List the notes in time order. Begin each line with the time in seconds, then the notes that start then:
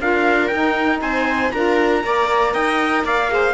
0.00 D4 F4 A#4 F5
0.47 D#4 G5
1.01 C4 C5 G#5
1.51 D4 F4 A#4 A#5
2.03 A#3 A#4 D5
2.53 D#4 D#5 G5
3.03 A#3 D5 F5
3.28 G#4 C5